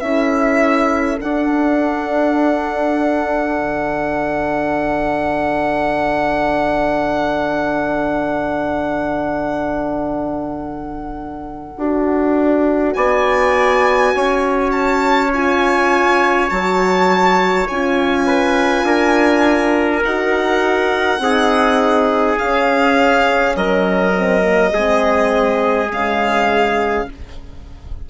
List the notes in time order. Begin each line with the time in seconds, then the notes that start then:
0.00 C#4 E4 A4 E5
1.20 D4 F#5
3.58 D3
11.77 D4 F#4
12.94 B3 D5 G#5
14.15 C#4 C#5
14.72 A5
15.34 F4 G#5
16.50 F#3 F#4 A5
17.68 C#4 F4 G#5
18.27 B4
18.84 D4 A#4
20.04 D#4 F#4 F#5
21.19 C4 D#4 G#4
22.38 C#4 F5
23.56 F#3 A#4 D#5
24.15 C4
24.42 A#3
24.73 G#3 C4 G#4
25.90 C#3 G#3 F5